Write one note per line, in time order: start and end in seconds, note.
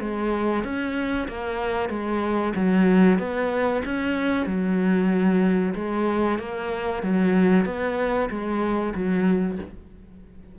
0.00 0.64 G#3
0.64 1.28 C#4
1.28 1.89 A#3
1.89 2.53 G#3
2.56 3.19 F#3
3.19 3.82 B3
3.85 4.46 C#4
4.46 5.74 F#3
5.75 6.39 G#3
6.39 7.03 A#3
7.03 7.65 F#3
7.65 8.29 B3
8.30 8.94 G#3
8.94 9.58 F#3